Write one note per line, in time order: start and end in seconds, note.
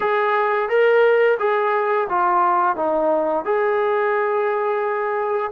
0.00 0.69 G#4
0.69 1.38 A#4
1.39 2.08 G#4
2.09 2.76 F4
2.76 3.44 D#4
3.44 5.51 G#4